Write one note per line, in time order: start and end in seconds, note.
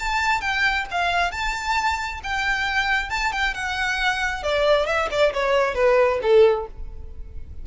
0.00 0.41 A5
0.41 0.86 G5
0.92 1.32 F5
1.32 2.21 A5
2.24 3.10 G5
3.10 3.33 A5
3.33 3.55 G5
3.55 4.43 F#5
4.43 4.87 D5
4.87 5.09 E5
5.11 5.34 D5
5.34 5.75 C#5
5.75 6.20 B4
6.23 6.67 A4